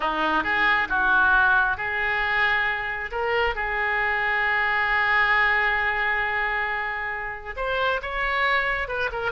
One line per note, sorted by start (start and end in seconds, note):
0.00 0.43 D#4
0.43 0.88 G#4
0.88 1.77 F#4
1.77 3.10 G#4
3.11 3.55 A#4
3.55 7.55 G#4
7.56 8.00 C5
8.01 8.87 C#5
8.87 9.10 B4
9.12 9.31 A#4